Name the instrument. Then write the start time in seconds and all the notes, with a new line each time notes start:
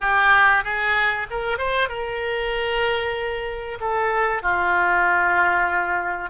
oboe
0.00 G4
0.63 G#4
1.30 A#4
1.58 C5
1.88 A#4
3.80 A4
4.42 F4